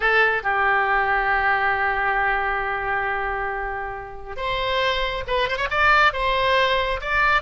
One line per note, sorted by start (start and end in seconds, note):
0.00 0.43 A4
0.43 4.36 G4
4.36 5.23 C5
5.27 5.48 B4
5.48 5.57 C5
5.57 5.68 C#5
5.70 6.13 D5
6.13 7.00 C5
7.00 7.41 D5